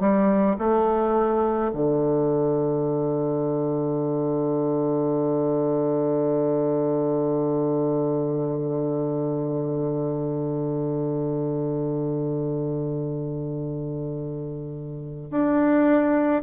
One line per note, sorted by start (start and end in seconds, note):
0.00 0.57 G3
0.59 1.72 A3
1.73 15.31 D3
15.31 16.43 D4